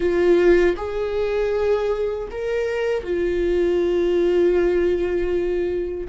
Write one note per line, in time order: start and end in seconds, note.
0.00 0.76 F4
0.76 2.28 G#4
2.31 3.03 A#4
3.03 6.07 F4